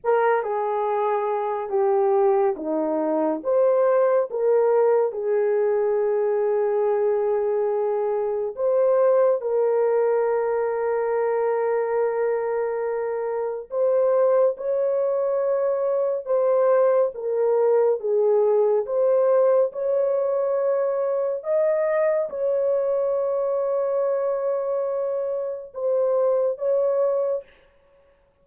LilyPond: \new Staff \with { instrumentName = "horn" } { \time 4/4 \tempo 4 = 70 ais'8 gis'4. g'4 dis'4 | c''4 ais'4 gis'2~ | gis'2 c''4 ais'4~ | ais'1 |
c''4 cis''2 c''4 | ais'4 gis'4 c''4 cis''4~ | cis''4 dis''4 cis''2~ | cis''2 c''4 cis''4 | }